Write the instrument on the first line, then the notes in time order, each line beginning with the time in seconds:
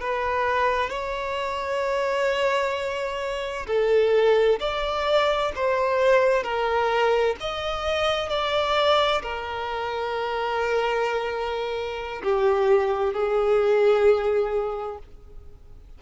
violin
0.00 B4
0.89 C#5
3.67 A4
4.60 D5
5.56 C5
6.43 A#4
7.40 D#5
8.30 D5
9.22 A#4
12.23 G4
13.13 G#4